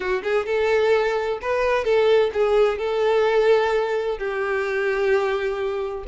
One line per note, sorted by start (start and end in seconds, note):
0.00 0.22 F#4
0.23 0.46 G#4
0.46 1.39 A4
1.41 1.84 B4
1.84 2.30 A4
2.33 2.78 G#4
2.78 4.17 A4
4.17 6.03 G4